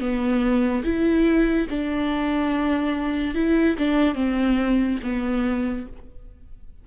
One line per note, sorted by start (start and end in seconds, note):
0.00 0.83 B3
0.84 1.67 E4
1.70 3.34 D4
3.34 3.76 E4
3.78 4.14 D4
4.14 4.98 C4
5.03 5.86 B3